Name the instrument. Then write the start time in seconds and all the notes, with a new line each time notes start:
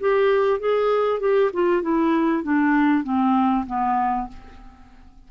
clarinet
0.00 G4
0.60 G#4
1.20 G4
1.53 F4
1.82 E4
2.43 D4
3.04 C4
3.66 B3